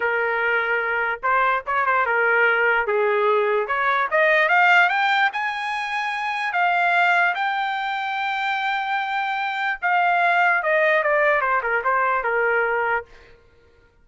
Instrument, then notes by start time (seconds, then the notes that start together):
trumpet
0.00 A#4
1.22 C5
1.66 C#5
1.86 C5
2.06 A#4
2.86 G#4
3.67 C#5
4.11 D#5
4.48 F5
4.89 G5
5.32 G#5
6.52 F5
7.35 G5
9.81 F5
10.63 D#5
11.03 D5
11.41 C5
11.62 A#4
11.83 C5
12.23 A#4